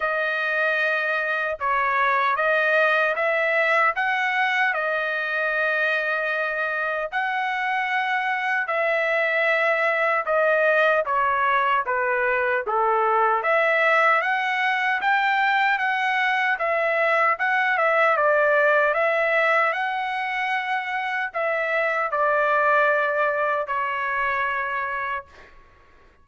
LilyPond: \new Staff \with { instrumentName = "trumpet" } { \time 4/4 \tempo 4 = 76 dis''2 cis''4 dis''4 | e''4 fis''4 dis''2~ | dis''4 fis''2 e''4~ | e''4 dis''4 cis''4 b'4 |
a'4 e''4 fis''4 g''4 | fis''4 e''4 fis''8 e''8 d''4 | e''4 fis''2 e''4 | d''2 cis''2 | }